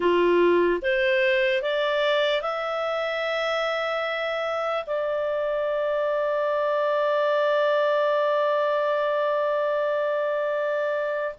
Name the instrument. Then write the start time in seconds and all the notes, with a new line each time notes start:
clarinet
0.00 F4
0.81 C5
1.62 D5
2.41 E5
4.86 D5